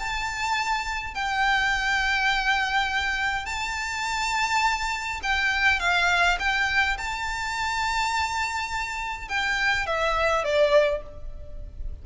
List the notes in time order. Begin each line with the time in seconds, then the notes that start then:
0.00 A5
1.15 G5
3.46 A5
5.23 G5
5.80 F5
6.39 G5
6.98 A5
9.29 G5
9.87 E5
10.45 D5